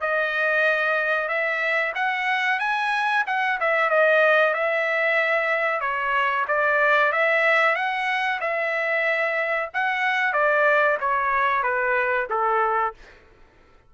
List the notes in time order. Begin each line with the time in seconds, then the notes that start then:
0.00 D#5
1.28 E5
1.95 F#5
2.59 G#5
3.26 F#5
3.60 E5
3.89 D#5
4.53 E5
5.80 C#5
6.48 D5
7.12 E5
7.75 F#5
8.40 E5
9.73 F#5
10.33 D5
11.00 C#5
11.62 B4
12.29 A4